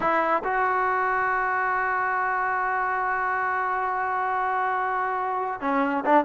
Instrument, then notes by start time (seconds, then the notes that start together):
trombone
0.00 E4
0.44 F#4
5.61 C#4
6.05 D4